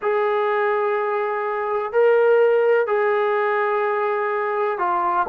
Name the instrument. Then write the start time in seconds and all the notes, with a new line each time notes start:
trombone
0.01 G#4
1.92 A#4
2.87 G#4
4.78 F4